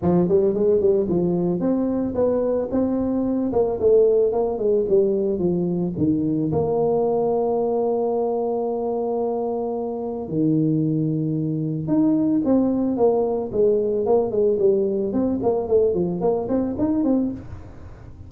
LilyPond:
\new Staff \with { instrumentName = "tuba" } { \time 4/4 \tempo 4 = 111 f8 g8 gis8 g8 f4 c'4 | b4 c'4. ais8 a4 | ais8 gis8 g4 f4 dis4 | ais1~ |
ais2. dis4~ | dis2 dis'4 c'4 | ais4 gis4 ais8 gis8 g4 | c'8 ais8 a8 f8 ais8 c'8 dis'8 c'8 | }